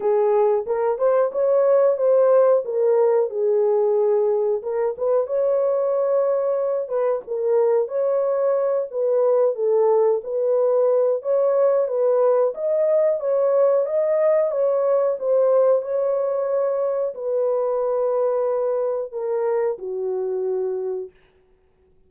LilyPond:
\new Staff \with { instrumentName = "horn" } { \time 4/4 \tempo 4 = 91 gis'4 ais'8 c''8 cis''4 c''4 | ais'4 gis'2 ais'8 b'8 | cis''2~ cis''8 b'8 ais'4 | cis''4. b'4 a'4 b'8~ |
b'4 cis''4 b'4 dis''4 | cis''4 dis''4 cis''4 c''4 | cis''2 b'2~ | b'4 ais'4 fis'2 | }